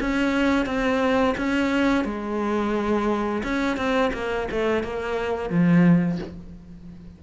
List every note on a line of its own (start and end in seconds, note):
0.00 0.66 C#4
0.66 1.34 C4
1.37 2.04 C#4
2.04 3.42 G#3
3.43 3.77 C#4
3.77 4.11 C4
4.13 4.48 A#3
4.51 4.83 A3
4.83 5.49 A#3
5.49 6.18 F3